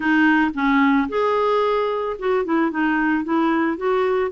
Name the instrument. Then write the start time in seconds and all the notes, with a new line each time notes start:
clarinet
0.00 D#4
0.54 C#4
1.08 G#4
2.19 F#4
2.44 E4
2.70 D#4
3.24 E4
3.77 F#4